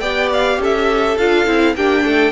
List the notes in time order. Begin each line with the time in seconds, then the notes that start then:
0.00 B3 G4 D5 G5
0.33 F5
0.59 C#4 A4 E5
1.18 D4 F4 F5
1.46 C4 E4
1.75 A#3 D4 G4 G5
2.05 A3 A4